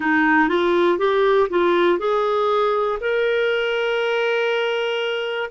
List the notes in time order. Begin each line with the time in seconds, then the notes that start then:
0.00 D#4
0.48 F4
0.98 G4
1.49 F4
1.98 G#4
3.00 A#4